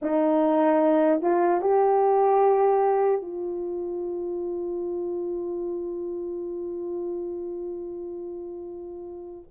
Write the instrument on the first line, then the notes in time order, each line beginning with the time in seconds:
horn
0.02 D#4
1.21 F4
1.61 G4
3.21 F4